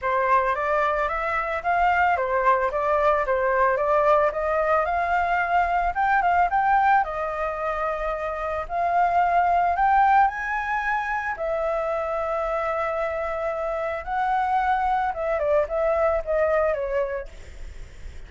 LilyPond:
\new Staff \with { instrumentName = "flute" } { \time 4/4 \tempo 4 = 111 c''4 d''4 e''4 f''4 | c''4 d''4 c''4 d''4 | dis''4 f''2 g''8 f''8 | g''4 dis''2. |
f''2 g''4 gis''4~ | gis''4 e''2.~ | e''2 fis''2 | e''8 d''8 e''4 dis''4 cis''4 | }